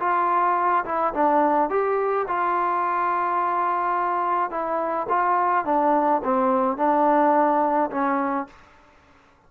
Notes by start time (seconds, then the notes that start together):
0.00 F4
0.85 E4
1.14 D4
1.70 G4
2.28 F4
4.51 E4
5.09 F4
5.66 D4
6.24 C4
6.77 D4
7.91 C#4